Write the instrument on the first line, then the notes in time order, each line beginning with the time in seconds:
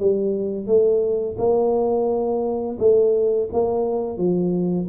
tuba
0.00 G3
0.67 A3
1.39 A#3
2.79 A3
3.53 A#3
4.18 F3